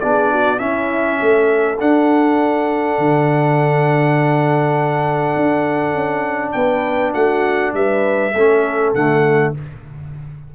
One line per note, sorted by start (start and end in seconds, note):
0.00 0.61 B3
0.00 0.59 D4
0.00 0.32 G#4
0.00 0.59 D5
0.32 0.60 F#4
0.59 1.77 C#4
0.59 1.20 C#4
0.59 1.19 E4
0.59 1.78 E5
1.19 1.81 A3
1.19 6.54 A4
1.80 8.33 D4
1.80 2.98 D4
1.80 6.52 F#5
2.98 5.36 D3
5.36 5.94 D4
5.94 6.54 C#4
6.52 7.14 B3
6.52 7.14 B4
6.52 7.12 G5
7.14 7.74 A3
7.14 7.73 F#4
7.14 7.73 F#5
7.74 8.33 G3
7.74 8.34 B4
7.74 8.94 E5
8.34 8.94 A3
8.34 8.95 C#4
8.34 9.53 A4
8.94 9.54 D3
8.94 9.55 A3
8.94 9.54 F#5